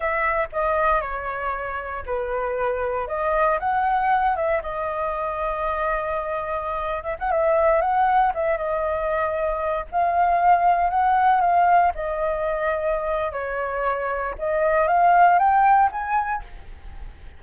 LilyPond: \new Staff \with { instrumentName = "flute" } { \time 4/4 \tempo 4 = 117 e''4 dis''4 cis''2 | b'2 dis''4 fis''4~ | fis''8 e''8 dis''2.~ | dis''4.~ dis''16 e''16 fis''16 e''4 fis''8.~ |
fis''16 e''8 dis''2~ dis''8 f''8.~ | f''4~ f''16 fis''4 f''4 dis''8.~ | dis''2 cis''2 | dis''4 f''4 g''4 gis''4 | }